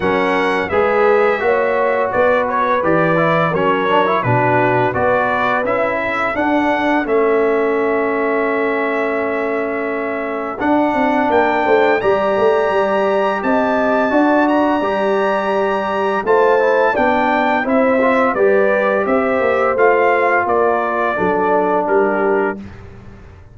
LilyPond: <<
  \new Staff \with { instrumentName = "trumpet" } { \time 4/4 \tempo 4 = 85 fis''4 e''2 d''8 cis''8 | d''4 cis''4 b'4 d''4 | e''4 fis''4 e''2~ | e''2. fis''4 |
g''4 ais''2 a''4~ | a''8 ais''2~ ais''8 a''4 | g''4 e''4 d''4 e''4 | f''4 d''2 ais'4 | }
  \new Staff \with { instrumentName = "horn" } { \time 4/4 ais'4 b'4 cis''4 b'4~ | b'4 ais'4 fis'4 b'4~ | b'8 a'2.~ a'8~ | a'1 |
ais'8 c''8 d''2 dis''4 | d''2. c''4 | d''4 c''4 b'4 c''4~ | c''4 ais'4 a'4 g'4 | }
  \new Staff \with { instrumentName = "trombone" } { \time 4/4 cis'4 gis'4 fis'2 | g'8 e'8 cis'8 d'16 e'16 d'4 fis'4 | e'4 d'4 cis'2~ | cis'2. d'4~ |
d'4 g'2. | fis'4 g'2 f'8 e'8 | d'4 e'8 f'8 g'2 | f'2 d'2 | }
  \new Staff \with { instrumentName = "tuba" } { \time 4/4 fis4 gis4 ais4 b4 | e4 fis4 b,4 b4 | cis'4 d'4 a2~ | a2. d'8 c'8 |
ais8 a8 g8 a8 g4 c'4 | d'4 g2 a4 | b4 c'4 g4 c'8 ais8 | a4 ais4 fis4 g4 | }
>>